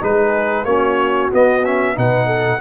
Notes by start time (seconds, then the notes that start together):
0.00 G#3 D#4 G#4 B4
0.64 A#3 C#4 F#4 C#5
1.31 B3 D#5
1.65 C#4 E5
1.94 B2 D#4 B4 F#5
2.26 A4